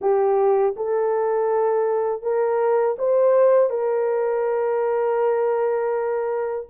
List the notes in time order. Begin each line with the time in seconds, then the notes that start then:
0.01 G4
0.76 A4
2.22 A#4
2.98 C5
3.70 A#4